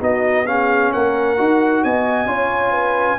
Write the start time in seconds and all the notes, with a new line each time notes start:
0.00 B3 D#4 F#4 D#5
0.46 C#4 G#4 F5
0.93 A#3 A#4 F#5
1.37 D#4 F#4
1.84 B3 D#5 G#5
2.25 C#4 F4 C#5
2.71 B4